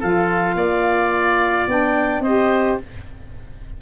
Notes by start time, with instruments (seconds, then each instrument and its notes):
0.00 tuba F3, saxophone F4, oboe A4, clarinet F5
0.55 tuba A#3, oboe D5
1.67 tuba B3, saxophone D4, clarinet G5
2.20 tuba C4, oboe C5, clarinet D#5
2.26 saxophone G4